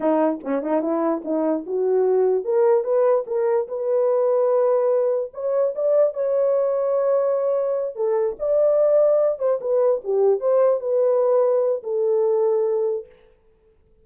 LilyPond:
\new Staff \with { instrumentName = "horn" } { \time 4/4 \tempo 4 = 147 dis'4 cis'8 dis'8 e'4 dis'4 | fis'2 ais'4 b'4 | ais'4 b'2.~ | b'4 cis''4 d''4 cis''4~ |
cis''2.~ cis''8 a'8~ | a'8 d''2~ d''8 c''8 b'8~ | b'8 g'4 c''4 b'4.~ | b'4 a'2. | }